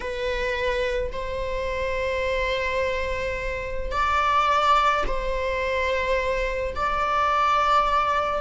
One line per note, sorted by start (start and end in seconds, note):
0.00 1.11 B4
1.12 3.91 C5
3.91 5.03 D5
5.06 6.74 C5
6.75 8.41 D5